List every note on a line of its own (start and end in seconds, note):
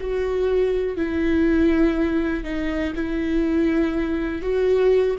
0.00 0.96 F#4
0.96 2.43 E4
2.43 2.93 D#4
2.95 4.42 E4
4.42 5.16 F#4